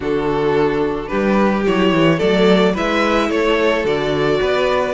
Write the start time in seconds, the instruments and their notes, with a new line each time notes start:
0.00 cello D3, viola D4, violin F#4 A4
1.08 cello G3, violin G4 B4
1.67 cello F#3, viola E4, violin C#5
1.93 cello E3
2.17 cello F#3, viola A3, violin A4 D5
2.73 cello G#3, viola E4, violin B4 E5
3.29 cello A3, violin A4 C#5
3.84 cello D3, viola F#4, violin D5
4.40 cello B3, violin B4